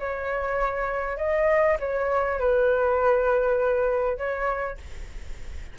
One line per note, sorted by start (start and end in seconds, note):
0.00 1.18 C#5
1.18 1.78 D#5
1.80 2.40 C#5
2.40 4.18 B4
4.18 4.78 C#5